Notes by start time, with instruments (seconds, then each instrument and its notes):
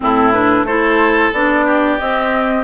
0.00 bassoon A2, clarinet C4, oboe E4, flute A4
0.32 clarinet D4, flute B4
0.63 bassoon A3, clarinet E4, oboe A4, flute C5
1.32 bassoon B3, clarinet D4, flute D5
1.65 oboe G4
1.98 clarinet C4, bassoon C4, flute D#5